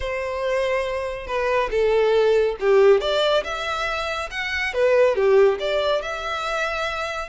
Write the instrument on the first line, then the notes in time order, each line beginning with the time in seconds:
violin
0.00 C5
1.26 B4
1.70 A4
2.60 G4
3.00 D5
3.44 E5
4.31 F#5
4.73 B4
5.15 G4
5.59 D5
6.02 E5